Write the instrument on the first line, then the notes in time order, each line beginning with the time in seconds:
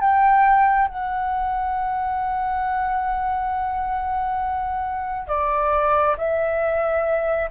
flute
0.00 G5
0.88 F#5
5.27 D5
6.18 E5